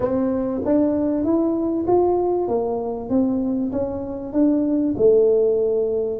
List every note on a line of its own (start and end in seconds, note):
0.00 0.61 C4
0.64 1.23 D4
1.23 1.85 E4
1.87 2.47 F4
2.47 3.09 A#3
3.09 3.71 C4
3.71 4.32 C#4
4.32 4.94 D4
4.97 6.19 A3